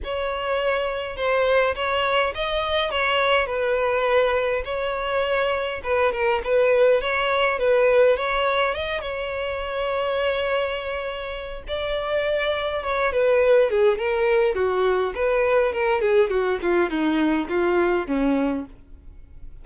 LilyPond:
\new Staff \with { instrumentName = "violin" } { \time 4/4 \tempo 4 = 103 cis''2 c''4 cis''4 | dis''4 cis''4 b'2 | cis''2 b'8 ais'8 b'4 | cis''4 b'4 cis''4 dis''8 cis''8~ |
cis''1 | d''2 cis''8 b'4 gis'8 | ais'4 fis'4 b'4 ais'8 gis'8 | fis'8 f'8 dis'4 f'4 cis'4 | }